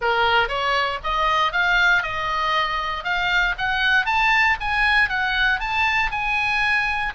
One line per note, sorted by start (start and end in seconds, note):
0.01 0.48 A#4
0.48 0.99 C#5
1.03 1.52 D#5
1.52 2.02 F5
2.02 3.04 D#5
3.04 3.55 F5
3.58 4.05 F#5
4.05 4.56 A5
4.60 5.09 G#5
5.09 5.59 F#5
5.59 6.10 A5
6.11 7.13 G#5